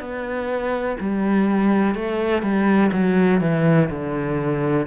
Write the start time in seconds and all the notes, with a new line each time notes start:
0.00 B3
1.00 G3
1.95 A3
2.42 G3
2.92 F#3
3.40 E3
3.90 D3